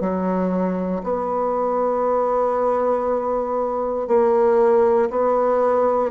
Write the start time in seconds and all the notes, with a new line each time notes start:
0.00 F#3
1.03 B3
4.08 A#3
5.10 B3